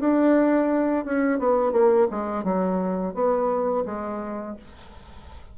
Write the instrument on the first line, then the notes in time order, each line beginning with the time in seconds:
bassoon
0.00 D4
1.05 C#4
1.39 B3
1.72 A#3
2.11 G#3
2.44 F#3
3.14 B3
3.86 G#3